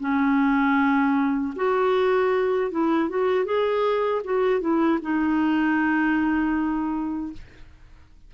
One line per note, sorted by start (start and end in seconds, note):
0.00 1.54 C#4
1.56 2.71 F#4
2.71 3.09 E4
3.09 3.45 F#4
3.45 4.22 G#4
4.24 4.61 F#4
4.61 4.99 E4
5.02 7.33 D#4